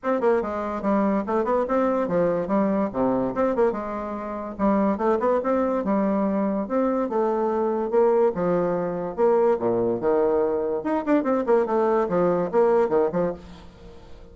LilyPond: \new Staff \with { instrumentName = "bassoon" } { \time 4/4 \tempo 4 = 144 c'8 ais8 gis4 g4 a8 b8 | c'4 f4 g4 c4 | c'8 ais8 gis2 g4 | a8 b8 c'4 g2 |
c'4 a2 ais4 | f2 ais4 ais,4 | dis2 dis'8 d'8 c'8 ais8 | a4 f4 ais4 dis8 f8 | }